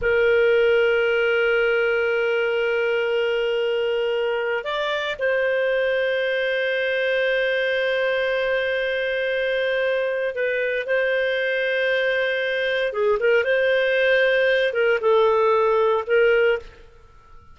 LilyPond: \new Staff \with { instrumentName = "clarinet" } { \time 4/4 \tempo 4 = 116 ais'1~ | ais'1~ | ais'4 d''4 c''2~ | c''1~ |
c''1 | b'4 c''2.~ | c''4 gis'8 ais'8 c''2~ | c''8 ais'8 a'2 ais'4 | }